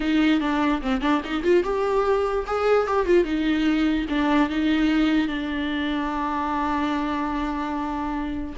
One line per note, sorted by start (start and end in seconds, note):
0.00 0.40 D#4
0.40 0.81 D4
0.81 1.01 C4
1.01 1.21 D4
1.24 1.43 D#4
1.43 1.63 F4
1.63 2.45 G4
2.46 2.87 G#4
2.87 3.06 G4
3.06 3.24 F4
3.24 4.06 D#4
4.09 4.49 D4
4.49 5.27 D#4
5.27 8.54 D4